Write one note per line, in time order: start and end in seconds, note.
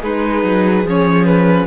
0.00 0.44 G#3
0.00 0.87 D#4
0.00 1.67 G#4
0.00 0.87 B4
0.44 0.84 F#3
0.84 1.67 F3
0.84 1.67 C#4
0.84 1.25 C#5
1.25 1.67 B4